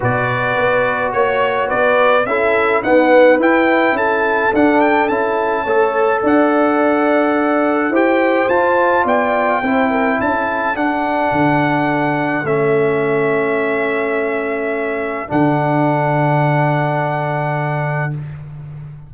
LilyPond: <<
  \new Staff \with { instrumentName = "trumpet" } { \time 4/4 \tempo 4 = 106 d''2 cis''4 d''4 | e''4 fis''4 g''4 a''4 | fis''8 g''8 a''2 fis''4~ | fis''2 g''4 a''4 |
g''2 a''4 fis''4~ | fis''2 e''2~ | e''2. fis''4~ | fis''1 | }
  \new Staff \with { instrumentName = "horn" } { \time 4/4 b'2 cis''4 b'4 | a'4 b'2 a'4~ | a'2 cis''4 d''4~ | d''2 c''2 |
d''4 c''8 ais'8 a'2~ | a'1~ | a'1~ | a'1 | }
  \new Staff \with { instrumentName = "trombone" } { \time 4/4 fis'1 | e'4 b4 e'2 | d'4 e'4 a'2~ | a'2 g'4 f'4~ |
f'4 e'2 d'4~ | d'2 cis'2~ | cis'2. d'4~ | d'1 | }
  \new Staff \with { instrumentName = "tuba" } { \time 4/4 b,4 b4 ais4 b4 | cis'4 dis'4 e'4 cis'4 | d'4 cis'4 a4 d'4~ | d'2 e'4 f'4 |
b4 c'4 cis'4 d'4 | d2 a2~ | a2. d4~ | d1 | }
>>